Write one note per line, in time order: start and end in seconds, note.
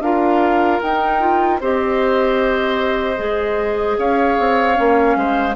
0.00 0.79 D4
0.00 0.82 F4
0.00 1.60 A#4
0.00 0.80 F5
0.82 1.61 D#4
0.82 1.20 D#4
0.82 1.61 G5
1.20 1.60 F4
1.60 3.18 C4
1.60 3.17 G4
1.60 3.97 C5
1.60 3.98 D#5
3.17 3.98 G#3
3.17 4.75 G#4
3.98 4.38 C#4
3.98 5.17 C#5
3.98 5.56 F5
4.39 4.78 C4
4.75 5.16 A#3
4.75 5.54 C#4
5.16 5.55 G#3
5.16 5.56 C5